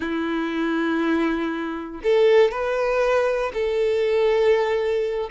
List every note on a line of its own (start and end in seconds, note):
0.00 2.01 E4
2.03 2.51 A4
2.51 3.52 B4
3.53 5.30 A4